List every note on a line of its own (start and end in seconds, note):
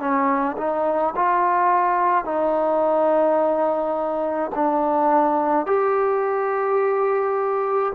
0.00 0.57 C#4
0.58 1.15 D#4
1.16 2.25 F4
2.25 4.51 D#4
4.55 5.67 D4
5.67 7.93 G4